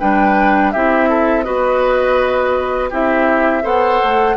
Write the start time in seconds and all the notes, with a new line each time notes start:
0.00 G3 D4 B4 G5
0.72 C4 E4 G4 E5
1.09 A4
1.44 B3 F#4 B4 D#5
2.90 C4 E4 G4 E5
3.63 B3 A4 C5 F#5
4.04 A3